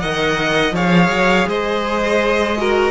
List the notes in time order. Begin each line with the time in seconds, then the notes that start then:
0.00 D#3 A#4 D#5 F#5
0.72 F3 G#4 C#5 F5
1.09 F#3
1.47 G#3 C5 D#5
2.57 F#4 A#4